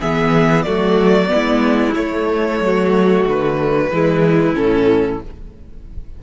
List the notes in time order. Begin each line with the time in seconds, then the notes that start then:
0.00 E3 B3 G#4 E5
0.63 F#3 A3 F#4 D5
1.28 B3
1.34 G#3 E4
1.95 A3 C#5
2.60 F#3 F#4
3.27 D3 B4
3.90 E3 G#3 E4
4.55 A2 C#4 A4